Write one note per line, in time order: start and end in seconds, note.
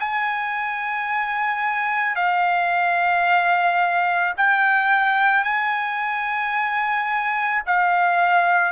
0.00 2.16 G#5
2.16 4.34 F5
4.38 5.44 G5
5.44 7.63 G#5
7.67 8.73 F5